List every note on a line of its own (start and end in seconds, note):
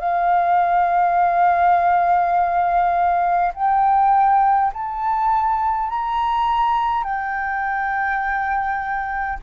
0.00 3.53 F5
3.55 4.72 G5
4.74 5.90 A5
5.90 7.04 A#5
7.04 9.39 G5